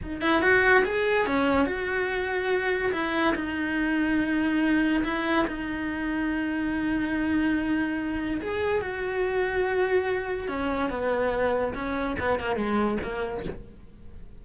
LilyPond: \new Staff \with { instrumentName = "cello" } { \time 4/4 \tempo 4 = 143 dis'8 e'8 fis'4 gis'4 cis'4 | fis'2. e'4 | dis'1 | e'4 dis'2.~ |
dis'1 | gis'4 fis'2.~ | fis'4 cis'4 b2 | cis'4 b8 ais8 gis4 ais4 | }